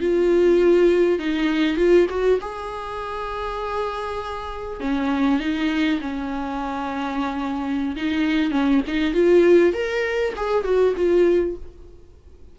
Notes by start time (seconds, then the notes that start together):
0.00 F4
1.19 D#4
1.76 F4
2.09 F#4
2.41 G#4
4.80 C#4
5.40 D#4
6.01 C#4
7.96 D#4
8.51 C#4
8.87 D#4
9.14 F4
9.73 A#4
10.36 G#4
10.64 F#4
10.96 F4